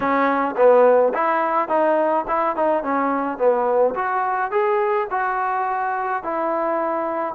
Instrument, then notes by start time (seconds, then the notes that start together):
trombone
0.00 C#4
0.56 B3
1.14 E4
1.68 D#4
2.27 E4
2.55 D#4
2.83 C#4
3.38 B3
3.95 F#4
4.51 G#4
5.10 F#4
6.23 E4